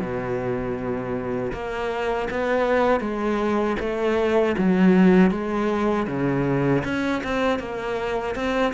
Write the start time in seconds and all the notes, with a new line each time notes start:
0.00 B2
1.52 A#3
2.30 B3
3.00 G#3
3.79 A3
4.58 F#3
5.31 G#3
6.07 C#3
6.84 C#4
7.24 C4
7.59 A#3
8.35 C4